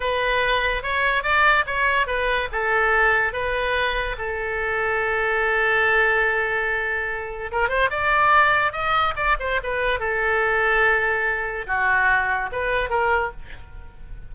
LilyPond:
\new Staff \with { instrumentName = "oboe" } { \time 4/4 \tempo 4 = 144 b'2 cis''4 d''4 | cis''4 b'4 a'2 | b'2 a'2~ | a'1~ |
a'2 ais'8 c''8 d''4~ | d''4 dis''4 d''8 c''8 b'4 | a'1 | fis'2 b'4 ais'4 | }